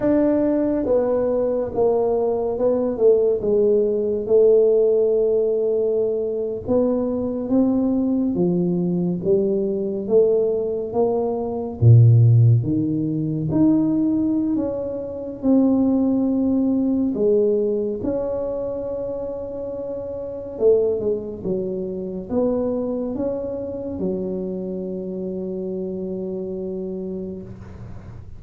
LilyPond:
\new Staff \with { instrumentName = "tuba" } { \time 4/4 \tempo 4 = 70 d'4 b4 ais4 b8 a8 | gis4 a2~ a8. b16~ | b8. c'4 f4 g4 a16~ | a8. ais4 ais,4 dis4 dis'16~ |
dis'4 cis'4 c'2 | gis4 cis'2. | a8 gis8 fis4 b4 cis'4 | fis1 | }